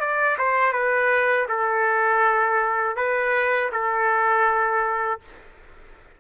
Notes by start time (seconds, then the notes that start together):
0.00 D5
0.38 C5
0.73 B4
1.49 A4
2.96 B4
3.72 A4